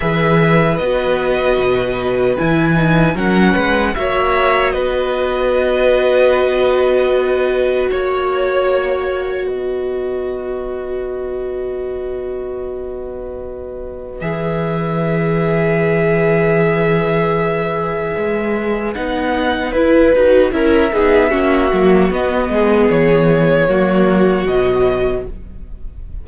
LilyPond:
<<
  \new Staff \with { instrumentName = "violin" } { \time 4/4 \tempo 4 = 76 e''4 dis''2 gis''4 | fis''4 e''4 dis''2~ | dis''2 cis''2 | dis''1~ |
dis''2 e''2~ | e''1 | fis''4 b'4 e''2 | dis''4 cis''2 dis''4 | }
  \new Staff \with { instrumentName = "violin" } { \time 4/4 b'1 | ais'8 b'8 cis''4 b'2~ | b'2 cis''2 | b'1~ |
b'1~ | b'1~ | b'2 ais'8 gis'8 fis'4~ | fis'8 gis'4. fis'2 | }
  \new Staff \with { instrumentName = "viola" } { \time 4/4 gis'4 fis'2 e'8 dis'8 | cis'4 fis'2.~ | fis'1~ | fis'1~ |
fis'2 gis'2~ | gis'1 | dis'4 e'8 fis'8 e'8 dis'8 cis'8 ais8 | b2 ais4 fis4 | }
  \new Staff \with { instrumentName = "cello" } { \time 4/4 e4 b4 b,4 e4 | fis8 gis8 ais4 b2~ | b2 ais2 | b1~ |
b2 e2~ | e2. gis4 | b4 e'8 dis'8 cis'8 b8 ais8 fis8 | b8 gis8 e4 fis4 b,4 | }
>>